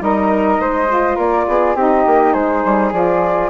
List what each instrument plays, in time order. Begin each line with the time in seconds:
0.00 bassoon G3, saxophone D#4, flute A#4 D#5
0.59 bassoon G#3, flute C5
0.88 saxophone F4
1.16 bassoon A#3, flute A#4 D5
1.48 bassoon B3, flute G#4
1.75 bassoon C4, saxophone D#4, flute G4 D#5
2.06 bassoon A#3
2.33 bassoon G#3, flute G#4 C5
2.65 bassoon G3
2.92 bassoon F3, saxophone F4, flute D5